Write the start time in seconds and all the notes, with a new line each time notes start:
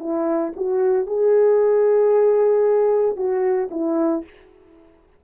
0.00 E4
0.56 F#4
1.07 G#4
3.16 F#4
3.71 E4